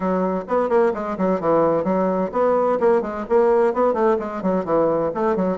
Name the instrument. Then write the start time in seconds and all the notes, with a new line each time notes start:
bassoon
0.00 F#3
0.48 B3
0.69 A#3
0.93 G#3
1.17 F#3
1.40 E3
1.84 F#3
2.32 B3
2.79 A#3
3.01 G#3
3.29 A#3
3.73 B3
3.93 A3
4.19 G#3
4.42 F#3
4.64 E3
5.14 A3
5.36 F#3